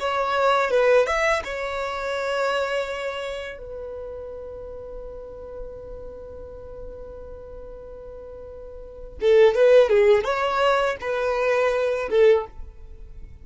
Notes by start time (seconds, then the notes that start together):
0.00 C#5
0.70 B4
1.06 E5
1.44 C#5
3.58 B4
9.21 A4
9.55 B4
9.90 G#4
10.24 C#5
11.00 B4
12.10 A4